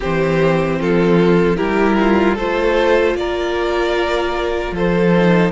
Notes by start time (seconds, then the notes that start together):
0.00 E3 C4 G4 C5
0.80 F3 F4 A4
1.56 G3 E4 G4 A#4
2.00 F4
2.35 A3 F4 A4 C5
3.15 A#3 A#4 D5
4.71 F3 A4 C5
5.17 D#4